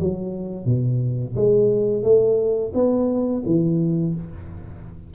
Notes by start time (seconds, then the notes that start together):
0.00 F#3
0.66 B2
1.36 G#3
2.03 A3
2.74 B3
3.46 E3